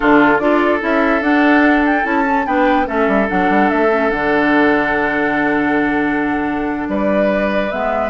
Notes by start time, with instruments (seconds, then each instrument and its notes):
0.00 bassoon D3, clarinet D4, oboe F4, flute A4
0.38 bassoon D4, clarinet F4, oboe A4, flute D5
0.80 bassoon C#4, clarinet E4, flute E5
1.21 bassoon D4, clarinet D4, flute F#5
1.85 flute G5
2.03 bassoon C#4, clarinet E4, flute A5
2.24 clarinet C#4
2.46 bassoon B3, clarinet D4, oboe B4, flute G5
2.85 bassoon A3, clarinet C#4, oboe A4, flute E5
3.07 bassoon G3
3.27 bassoon F#3, clarinet D4, flute F#5
3.49 bassoon G3
3.69 bassoon A3, flute E5
3.89 clarinet C#4
4.10 bassoon D3, clarinet D4, flute F#5
6.88 bassoon G3, oboe B4, flute D5
7.69 bassoon G#3, clarinet B3, flute E5